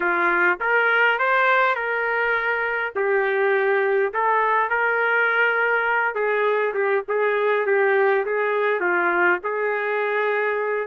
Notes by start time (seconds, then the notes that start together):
0.00 F4
0.60 A#4
1.18 C5
1.75 A#4
2.95 G4
4.13 A4
4.69 A#4
6.14 G#4
6.74 G4
7.08 G#4
7.66 G4
8.25 G#4
8.80 F4
9.43 G#4